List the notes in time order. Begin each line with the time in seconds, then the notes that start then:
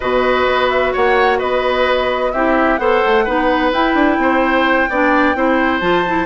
0.00 B2 F#4 B4 D#5
0.46 B3
0.69 E5
0.92 A#3 C#5 F#5
1.38 B3 B4 D#5
2.32 C4 E4 G4 E5
2.77 B3 A4 C5 F#5
3.05 A3
3.24 B3 D#4 B4
3.72 E4 G5
3.94 D4
4.18 C4 C5
4.89 B3 D4 D5
5.34 C4 E4 C5
5.79 F3 F4 A5
6.07 E4